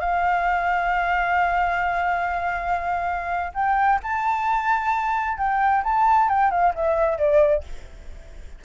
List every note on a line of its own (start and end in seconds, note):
0.00 3.52 F5
3.54 3.99 G5
4.03 5.38 A5
5.38 5.83 G5
5.83 6.29 A5
6.29 6.51 G5
6.51 6.73 F5
6.75 7.18 E5
7.18 7.63 D5